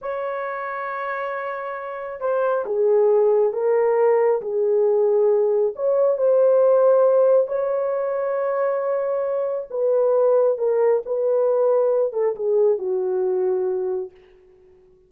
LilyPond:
\new Staff \with { instrumentName = "horn" } { \time 4/4 \tempo 4 = 136 cis''1~ | cis''4 c''4 gis'2 | ais'2 gis'2~ | gis'4 cis''4 c''2~ |
c''4 cis''2.~ | cis''2 b'2 | ais'4 b'2~ b'8 a'8 | gis'4 fis'2. | }